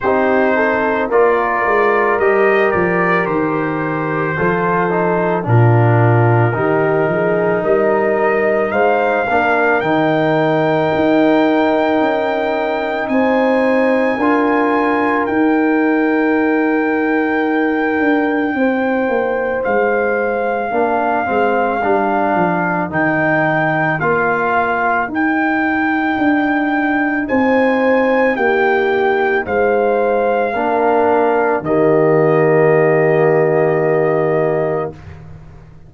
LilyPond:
<<
  \new Staff \with { instrumentName = "trumpet" } { \time 4/4 \tempo 4 = 55 c''4 d''4 dis''8 d''8 c''4~ | c''4 ais'2 dis''4 | f''4 g''2. | gis''2 g''2~ |
g''2 f''2~ | f''4 g''4 f''4 g''4~ | g''4 gis''4 g''4 f''4~ | f''4 dis''2. | }
  \new Staff \with { instrumentName = "horn" } { \time 4/4 g'8 a'8 ais'2. | a'4 f'4 g'8 gis'8 ais'4 | c''8 ais'2.~ ais'8 | c''4 ais'2.~ |
ais'4 c''2 ais'4~ | ais'1~ | ais'4 c''4 g'4 c''4 | ais'4 g'2. | }
  \new Staff \with { instrumentName = "trombone" } { \time 4/4 dis'4 f'4 g'2 | f'8 dis'8 d'4 dis'2~ | dis'8 d'8 dis'2.~ | dis'4 f'4 dis'2~ |
dis'2. d'8 c'8 | d'4 dis'4 f'4 dis'4~ | dis'1 | d'4 ais2. | }
  \new Staff \with { instrumentName = "tuba" } { \time 4/4 c'4 ais8 gis8 g8 f8 dis4 | f4 ais,4 dis8 f8 g4 | gis8 ais8 dis4 dis'4 cis'4 | c'4 d'4 dis'2~ |
dis'8 d'8 c'8 ais8 gis4 ais8 gis8 | g8 f8 dis4 ais4 dis'4 | d'4 c'4 ais4 gis4 | ais4 dis2. | }
>>